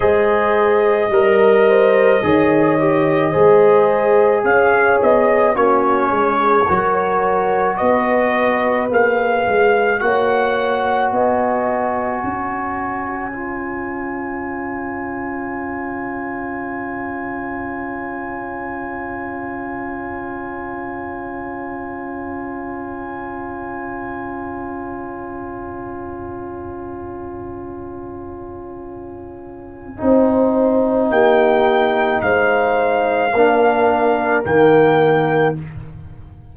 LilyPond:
<<
  \new Staff \with { instrumentName = "trumpet" } { \time 4/4 \tempo 4 = 54 dis''1 | f''8 dis''8 cis''2 dis''4 | f''4 fis''4 gis''2~ | gis''1~ |
gis''1~ | gis''1~ | gis''1 | g''4 f''2 g''4 | }
  \new Staff \with { instrumentName = "horn" } { \time 4/4 c''4 ais'8 c''8 cis''4 c''4 | cis''4 fis'8 gis'8 ais'4 b'4~ | b'4 cis''4 dis''4 cis''4~ | cis''1~ |
cis''1~ | cis''1~ | cis''2. c''4 | g'4 c''4 ais'2 | }
  \new Staff \with { instrumentName = "trombone" } { \time 4/4 gis'4 ais'4 gis'8 g'8 gis'4~ | gis'4 cis'4 fis'2 | gis'4 fis'2. | f'1~ |
f'1~ | f'1~ | f'2. dis'4~ | dis'2 d'4 ais4 | }
  \new Staff \with { instrumentName = "tuba" } { \time 4/4 gis4 g4 dis4 gis4 | cis'8 b8 ais8 gis8 fis4 b4 | ais8 gis8 ais4 b4 cis'4~ | cis'1~ |
cis'1~ | cis'1~ | cis'2. c'4 | ais4 gis4 ais4 dis4 | }
>>